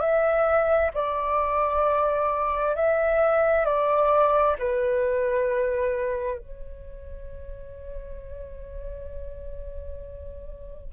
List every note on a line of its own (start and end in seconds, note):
0.00 0.91 E5
0.94 2.76 D5
2.76 3.65 E5
3.65 4.56 D5
4.59 6.38 B4
6.38 10.93 C#5